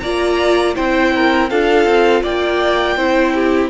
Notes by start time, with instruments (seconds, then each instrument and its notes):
0.00 cello A#3, viola F4, violin D5 A#5
0.75 cello C4, viola E4, violin C5 G5
1.16 violin A#4
1.50 cello D4, viola F4, violin A4 F5
1.85 cello C4
2.23 cello A#3, violin D5 G5
2.96 cello C4, viola E4, violin C5
3.34 violin G4